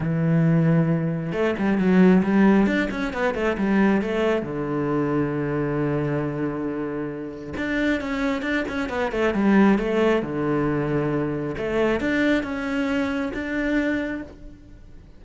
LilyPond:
\new Staff \with { instrumentName = "cello" } { \time 4/4 \tempo 4 = 135 e2. a8 g8 | fis4 g4 d'8 cis'8 b8 a8 | g4 a4 d2~ | d1~ |
d4 d'4 cis'4 d'8 cis'8 | b8 a8 g4 a4 d4~ | d2 a4 d'4 | cis'2 d'2 | }